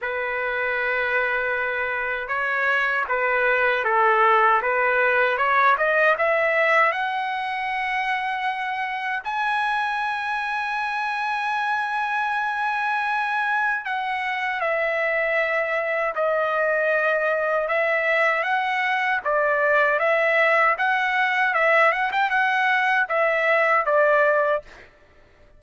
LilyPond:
\new Staff \with { instrumentName = "trumpet" } { \time 4/4 \tempo 4 = 78 b'2. cis''4 | b'4 a'4 b'4 cis''8 dis''8 | e''4 fis''2. | gis''1~ |
gis''2 fis''4 e''4~ | e''4 dis''2 e''4 | fis''4 d''4 e''4 fis''4 | e''8 fis''16 g''16 fis''4 e''4 d''4 | }